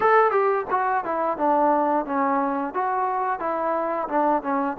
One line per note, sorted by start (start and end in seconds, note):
0.00 0.31 A4
0.31 0.65 G4
0.70 1.04 F#4
1.04 1.37 E4
1.37 2.05 D4
2.05 2.73 C#4
2.74 3.39 F#4
3.39 4.08 E4
4.08 4.42 D4
4.42 4.76 C#4